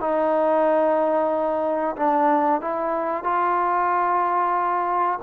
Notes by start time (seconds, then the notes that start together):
0.00 D#4
1.96 D4
2.61 E4
3.23 F4